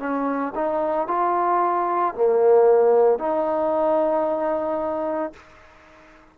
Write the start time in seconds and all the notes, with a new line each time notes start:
0.00 C#4
0.56 D#4
1.08 F4
2.15 A#3
3.19 D#4